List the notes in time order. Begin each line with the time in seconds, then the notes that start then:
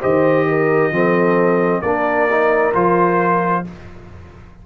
0.00 D#3 G4 C5 D#5
0.48 A#4
0.91 F3 C4 A4
1.81 A#3 D4 A#4 D5
2.30 D#4
2.73 F3 F4 C5